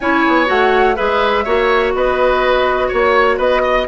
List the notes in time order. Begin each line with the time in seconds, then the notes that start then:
0.00 C#4 E4 C#5 G#5
0.27 B3
0.45 A3 F#4 F#5
0.95 G#3 G#4 B4 E5
1.44 A#3 F#4 C#5
1.94 B3 B4 D#5
2.88 A#3 C#5
3.37 B3 B4 D#5
3.62 D#5